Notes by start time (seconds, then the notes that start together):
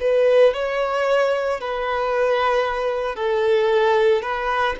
0.00 B4
0.53 C#5
1.60 B4
3.15 A4
4.22 B4